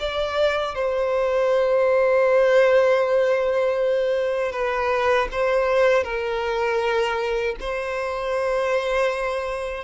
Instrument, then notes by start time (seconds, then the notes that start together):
violin
0.00 D5
0.75 C5
4.52 B4
5.32 C5
6.04 A#4
7.60 C5